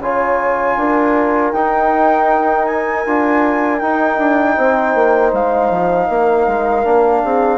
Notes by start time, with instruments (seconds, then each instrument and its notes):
0.00 bassoon C#3, trombone F4, horn C#5, flute G#5
0.77 bassoon D4, horn A#4
1.52 bassoon D#4, trombone D#4, flute G5
2.65 flute G#5
3.06 bassoon D4, trombone F4
3.79 trombone D#4, bassoon D#4, flute G5
4.18 bassoon D4
4.55 bassoon C4, horn C5
4.95 bassoon A#3
5.33 bassoon G#3, flute F5
5.70 bassoon F3
6.08 bassoon A#3, horn A#4
6.47 bassoon G#3
6.83 bassoon A#3, trombone D4
7.24 bassoon C4, horn G#4